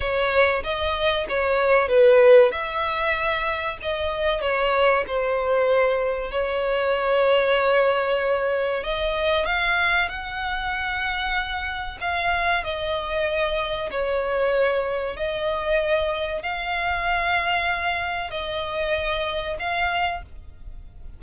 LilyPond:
\new Staff \with { instrumentName = "violin" } { \time 4/4 \tempo 4 = 95 cis''4 dis''4 cis''4 b'4 | e''2 dis''4 cis''4 | c''2 cis''2~ | cis''2 dis''4 f''4 |
fis''2. f''4 | dis''2 cis''2 | dis''2 f''2~ | f''4 dis''2 f''4 | }